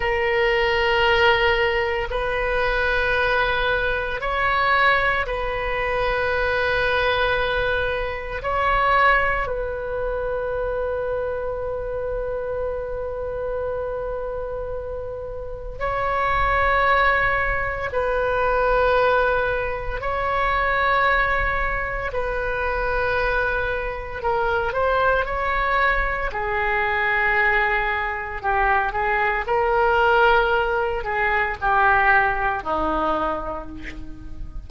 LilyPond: \new Staff \with { instrumentName = "oboe" } { \time 4/4 \tempo 4 = 57 ais'2 b'2 | cis''4 b'2. | cis''4 b'2.~ | b'2. cis''4~ |
cis''4 b'2 cis''4~ | cis''4 b'2 ais'8 c''8 | cis''4 gis'2 g'8 gis'8 | ais'4. gis'8 g'4 dis'4 | }